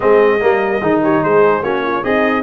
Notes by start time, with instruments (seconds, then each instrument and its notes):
0.00 tuba G#3, trombone C4, horn G#4, trumpet D#5
0.40 tuba G3, trombone A#3, horn A#4
0.81 tuba D#3, trombone D#4, horn G#4
1.02 horn G4, trumpet C#5
1.23 tuba G#3, horn G#4, trumpet C5
1.62 tuba A#3, trombone C#4, horn F#4, trumpet C#5
1.83 horn F4
2.03 tuba C4, horn D#4, trombone G#4, trumpet D#5